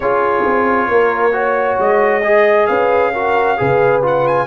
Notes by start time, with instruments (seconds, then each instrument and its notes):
0.00 tuba C#4, trombone F4, horn G#4, trumpet C#5
0.45 tuba C4
0.88 tuba A#3, horn A#4
1.32 trombone F#4, horn C#5
1.79 tuba G#3, trumpet D#5
2.21 trombone G#4, horn D#5
2.66 tuba C#4, horn B4, trumpet F5
3.12 trombone F#4, horn A#4
3.57 tuba C#3, trombone G#4, horn B4
4.02 trombone F4, trumpet F#5
4.27 trumpet G#5